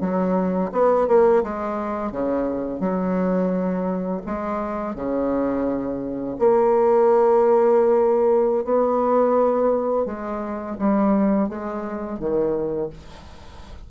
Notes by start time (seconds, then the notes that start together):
0.00 F#3
0.72 B3
1.07 A#3
1.43 G#3
2.11 C#3
2.80 F#3
4.26 G#3
4.95 C#3
6.38 A#3
8.64 B3
10.05 G#3
10.78 G3
11.48 G#3
12.19 D#3